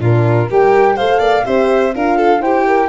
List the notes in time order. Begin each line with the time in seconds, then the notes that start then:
0.00 A#2 D4 F4 A#4
0.48 G3 G4 A#4 G5
0.96 A3 A4 C5 F5
1.19 A#3 D5
1.44 C4 G4 C5 E5
1.95 D4 F4 A#4 F5
2.17 A4
2.41 E4 G4 C5 G5
2.67 A#4